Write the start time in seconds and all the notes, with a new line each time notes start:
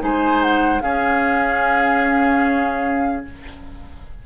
0.00 G#3 D#4 C5 G#5
0.43 F#5
0.82 C#4 G#4 F5